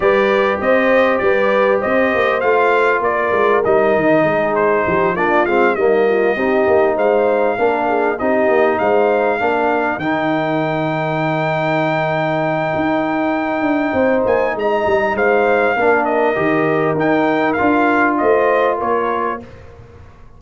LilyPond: <<
  \new Staff \with { instrumentName = "trumpet" } { \time 4/4 \tempo 4 = 99 d''4 dis''4 d''4 dis''4 | f''4 d''4 dis''4. c''8~ | c''8 d''8 f''8 dis''2 f''8~ | f''4. dis''4 f''4.~ |
f''8 g''2.~ g''8~ | g''2.~ g''8 gis''8 | ais''4 f''4. dis''4. | g''4 f''4 dis''4 cis''4 | }
  \new Staff \with { instrumentName = "horn" } { \time 4/4 b'4 c''4 b'4 c''4~ | c''4 ais'2 gis'4 | g'8 f'4 dis'8 f'8 g'4 c''8~ | c''8 ais'8 gis'8 g'4 c''4 ais'8~ |
ais'1~ | ais'2. c''4 | dis''4 c''4 ais'2~ | ais'2 c''4 ais'4 | }
  \new Staff \with { instrumentName = "trombone" } { \time 4/4 g'1 | f'2 dis'2~ | dis'8 d'8 c'8 ais4 dis'4.~ | dis'8 d'4 dis'2 d'8~ |
d'8 dis'2.~ dis'8~ | dis'1~ | dis'2 d'4 g'4 | dis'4 f'2. | }
  \new Staff \with { instrumentName = "tuba" } { \time 4/4 g4 c'4 g4 c'8 ais8 | a4 ais8 gis8 g8 dis8 gis4 | f8 ais8 gis8 g4 c'8 ais8 gis8~ | gis8 ais4 c'8 ais8 gis4 ais8~ |
ais8 dis2.~ dis8~ | dis4 dis'4. d'8 c'8 ais8 | gis8 g8 gis4 ais4 dis4 | dis'4 d'4 a4 ais4 | }
>>